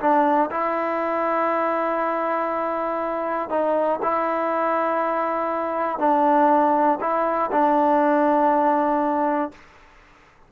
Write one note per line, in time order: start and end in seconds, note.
0.00 0.50 D4
0.51 3.49 E4
3.49 3.99 D#4
4.02 5.99 E4
5.99 6.99 D4
7.00 7.50 E4
7.51 9.51 D4